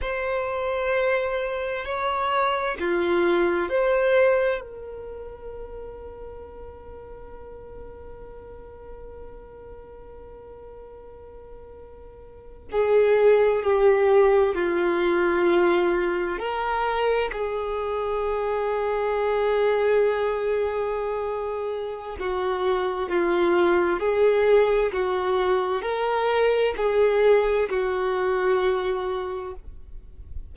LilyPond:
\new Staff \with { instrumentName = "violin" } { \time 4/4 \tempo 4 = 65 c''2 cis''4 f'4 | c''4 ais'2.~ | ais'1~ | ais'4.~ ais'16 gis'4 g'4 f'16~ |
f'4.~ f'16 ais'4 gis'4~ gis'16~ | gis'1 | fis'4 f'4 gis'4 fis'4 | ais'4 gis'4 fis'2 | }